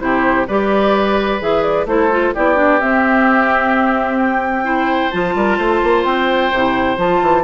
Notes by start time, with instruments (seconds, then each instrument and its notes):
0.00 bassoon C3, clarinet E4, oboe G4, flute C5
0.48 bassoon G3, clarinet G4, oboe B4, flute D5
1.40 bassoon E3, clarinet G#4, flute E5
1.63 flute D5
1.86 bassoon A3, clarinet E4, oboe A4, flute C5
2.11 clarinet F4
2.35 bassoon B3, clarinet E4, oboe G4, flute D5
2.56 clarinet D4
2.81 clarinet C4, bassoon C4, flute E5
4.19 flute G5
4.64 clarinet E4, oboe C5
5.11 bassoon F3, clarinet F4, flute A5
5.35 bassoon G3, oboe A#4
5.58 bassoon A3, oboe C5
5.84 bassoon A#3
6.05 bassoon C4, flute G5
6.52 bassoon C3, clarinet E4
6.97 bassoon F3, clarinet F4, flute A5
7.22 bassoon E3